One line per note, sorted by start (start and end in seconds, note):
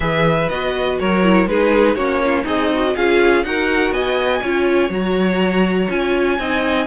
0.00 0.48 E3
0.00 0.47 G#4
0.00 0.99 B4
0.00 0.49 E5
0.49 0.99 B3
0.49 1.23 F#4
0.49 0.98 D#5
0.99 1.46 F#3
0.99 1.48 A#4
0.99 1.48 C#5
1.23 1.47 E4
1.46 1.95 G#3
1.46 1.97 D#4
1.46 1.96 G#4
1.46 1.95 B4
1.95 2.44 A#3
1.95 2.45 C#4
1.95 2.20 F#4
1.95 2.44 C#5
2.24 2.42 F4
2.42 2.94 C4
2.42 2.91 D#4
2.42 2.69 G#4
2.42 2.96 D#5
2.73 2.95 F#4
2.95 3.44 C#4
2.95 3.44 F4
2.95 3.45 G#4
2.95 3.43 F5
3.43 3.90 D#4
3.43 4.42 F#4
3.43 3.94 A#4
3.43 3.92 F#5
3.90 4.39 B3
3.90 4.41 D#5
3.90 4.91 G#5
4.41 4.89 C#4
4.41 4.89 F4
4.41 6.38 C#5
4.89 5.87 F#3
4.89 5.87 F#4
4.89 5.90 A#5
5.89 6.38 C#4
5.89 6.39 F4
5.89 6.86 G#5
6.38 6.86 C4
6.38 6.86 D#4
6.38 6.86 D#5